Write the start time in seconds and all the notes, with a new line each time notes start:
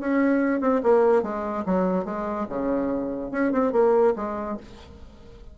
0.00 C#4
0.61 C4
0.83 A#3
1.23 G#3
1.66 F#3
2.05 G#3
2.49 C#3
3.32 C#4
3.52 C4
3.72 A#3
4.16 G#3